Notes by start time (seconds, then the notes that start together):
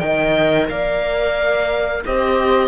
0.00 D#3 A#4 D#5 G5
0.69 A#3 D5 F5
2.06 C4 G4 C5 D#5